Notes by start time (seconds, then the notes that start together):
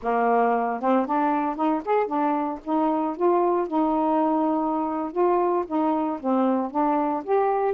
0.02 A#3
0.80 C4
1.06 D4
1.55 D#4
1.84 G#4
2.06 D4
2.64 D#4
3.16 F4
3.67 D#4
5.12 F4
5.67 D#4
6.20 C4
6.70 D4
7.23 G4